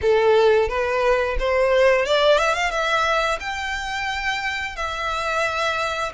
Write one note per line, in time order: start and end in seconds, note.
0.01 0.68 A4
0.68 1.36 B4
1.39 2.05 C5
2.05 2.37 D5
2.37 2.54 E5
2.54 2.70 F5
2.70 3.38 E5
3.40 4.75 G5
4.75 6.12 E5